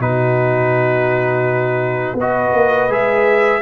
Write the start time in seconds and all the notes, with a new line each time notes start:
0.00 B2 D#4 F#4 B4
2.14 B3 B4
2.21 F#4 D#5
2.54 A#3
2.89 G#3 G#4 E5